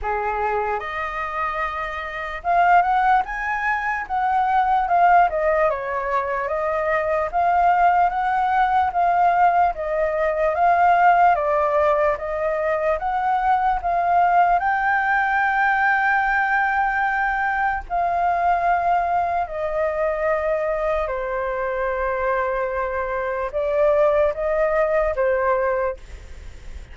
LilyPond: \new Staff \with { instrumentName = "flute" } { \time 4/4 \tempo 4 = 74 gis'4 dis''2 f''8 fis''8 | gis''4 fis''4 f''8 dis''8 cis''4 | dis''4 f''4 fis''4 f''4 | dis''4 f''4 d''4 dis''4 |
fis''4 f''4 g''2~ | g''2 f''2 | dis''2 c''2~ | c''4 d''4 dis''4 c''4 | }